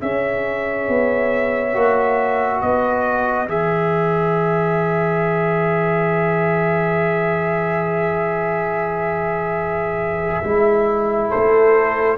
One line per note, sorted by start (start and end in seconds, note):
0.00 0.88 C#4
0.00 1.73 G#4
0.00 2.62 C#5
0.00 2.62 E5
0.88 1.75 B3
1.73 2.62 A#3
1.73 3.47 F#4
2.62 3.46 B3
2.62 11.30 B4
2.62 3.49 D#5
3.46 10.42 E3
3.46 10.44 G#4
3.46 11.31 E5
10.44 11.31 G#3
10.44 12.18 E4
11.30 12.16 A4
11.30 12.18 C5
11.36 12.18 A3